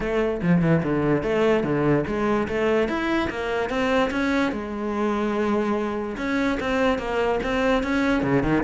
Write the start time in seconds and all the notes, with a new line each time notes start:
0.00 A3
0.42 F3
0.61 E3
0.83 D3
1.23 A3
1.63 D3
2.06 G#3
2.48 A3
2.88 E4
3.30 A#3
3.69 C4
4.11 C#4
4.51 G#3
6.17 C#4
6.60 C4
6.98 A#3
7.43 C4
7.83 C#4
8.22 C#3
8.42 D#3